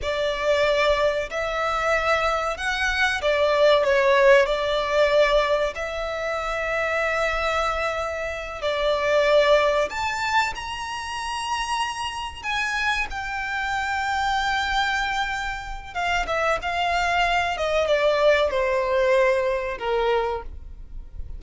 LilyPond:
\new Staff \with { instrumentName = "violin" } { \time 4/4 \tempo 4 = 94 d''2 e''2 | fis''4 d''4 cis''4 d''4~ | d''4 e''2.~ | e''4. d''2 a''8~ |
a''8 ais''2. gis''8~ | gis''8 g''2.~ g''8~ | g''4 f''8 e''8 f''4. dis''8 | d''4 c''2 ais'4 | }